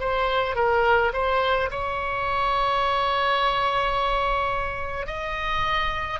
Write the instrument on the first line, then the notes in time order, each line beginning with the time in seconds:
oboe
0.00 C5
0.56 A#4
1.13 C5
1.70 C#5
5.07 D#5